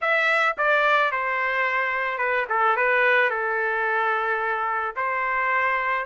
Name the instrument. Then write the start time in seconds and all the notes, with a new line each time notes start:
trumpet
0.01 E5
0.57 D5
1.11 C5
2.18 B4
2.49 A4
2.76 B4
3.30 A4
4.95 C5